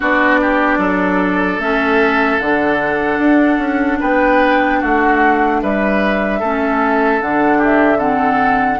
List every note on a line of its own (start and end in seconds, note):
0.00 0.78 B3
0.00 1.60 D4
0.00 0.40 F#4
0.00 1.61 D5
0.41 0.78 G4
0.78 1.58 F#3
0.78 3.98 A4
1.58 2.38 A3
1.58 2.40 C#4
1.58 2.39 E5
2.39 3.19 D3
2.39 6.42 D4
2.39 3.99 F#5
3.19 3.58 D4
3.58 3.98 C#4
3.99 4.82 B3
3.99 4.79 B4
3.99 4.81 G5
4.80 5.62 A3
4.80 5.60 F#4
4.80 5.61 F#5
5.62 6.41 G3
5.62 6.39 B4
5.62 7.21 E5
6.39 7.21 A3
6.39 7.21 C#4
6.39 7.58 A4
7.21 8.79 D3
7.21 7.97 D4
7.21 7.61 F#5
7.58 7.98 G4
7.64 7.99 E5
7.97 8.77 C4
7.97 8.78 A4
7.97 8.79 F#5